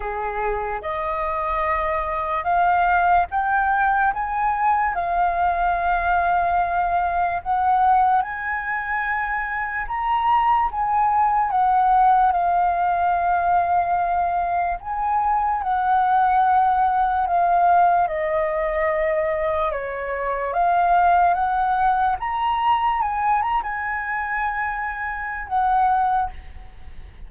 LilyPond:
\new Staff \with { instrumentName = "flute" } { \time 4/4 \tempo 4 = 73 gis'4 dis''2 f''4 | g''4 gis''4 f''2~ | f''4 fis''4 gis''2 | ais''4 gis''4 fis''4 f''4~ |
f''2 gis''4 fis''4~ | fis''4 f''4 dis''2 | cis''4 f''4 fis''4 ais''4 | gis''8 ais''16 gis''2~ gis''16 fis''4 | }